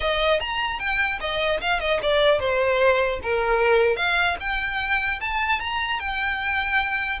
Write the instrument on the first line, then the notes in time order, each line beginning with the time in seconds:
violin
0.00 D#5
0.39 A#5
0.79 G5
1.20 D#5
1.60 F5
1.79 D#5
2.02 D5
2.39 C5
3.22 A#4
3.96 F5
4.39 G5
5.20 A5
5.60 A#5
5.99 G5